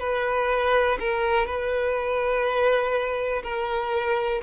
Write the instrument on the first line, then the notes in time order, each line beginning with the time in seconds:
violin
0.00 B4
0.99 A#4
1.46 B4
3.43 A#4